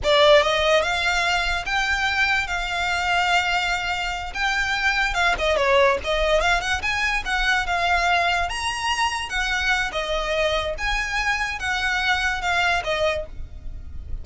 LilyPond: \new Staff \with { instrumentName = "violin" } { \time 4/4 \tempo 4 = 145 d''4 dis''4 f''2 | g''2 f''2~ | f''2~ f''8 g''4.~ | g''8 f''8 dis''8 cis''4 dis''4 f''8 |
fis''8 gis''4 fis''4 f''4.~ | f''8 ais''2 fis''4. | dis''2 gis''2 | fis''2 f''4 dis''4 | }